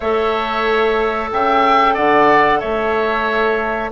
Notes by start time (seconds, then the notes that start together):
0.00 A3 A4 C#5 E5
1.32 C#3 E5 G5
1.94 D3 D5 F#5
2.59 A3 C#5 E5